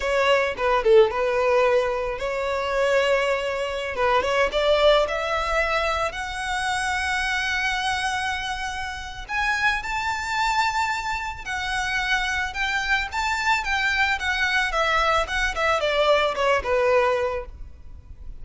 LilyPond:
\new Staff \with { instrumentName = "violin" } { \time 4/4 \tempo 4 = 110 cis''4 b'8 a'8 b'2 | cis''2.~ cis''16 b'8 cis''16~ | cis''16 d''4 e''2 fis''8.~ | fis''1~ |
fis''4 gis''4 a''2~ | a''4 fis''2 g''4 | a''4 g''4 fis''4 e''4 | fis''8 e''8 d''4 cis''8 b'4. | }